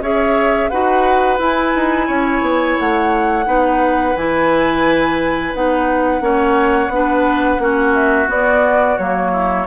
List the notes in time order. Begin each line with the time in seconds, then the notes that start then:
0.00 C#4 G#4 C#5 E5
0.70 D#4 F#4 B4 F#5
1.38 E4 G#5
1.76 D#4
2.07 C#4 C#5
2.42 B3
2.80 A3 F#5
3.46 B3 D#4 B4
4.16 E3 E4 G#5
5.54 B3 D#4 F#5
6.21 A#3 C#4 C#5
6.89 B3 D4
6.95 B4
7.59 A#3 C#4 F#4
7.95 E5
8.27 B3 D5
8.98 F#3 A#3 C#5
9.32 E4